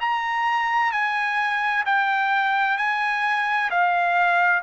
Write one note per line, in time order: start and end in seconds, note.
0.00 0.91 A#5
0.91 1.84 G#5
1.85 2.77 G5
2.77 3.70 G#5
3.70 4.62 F5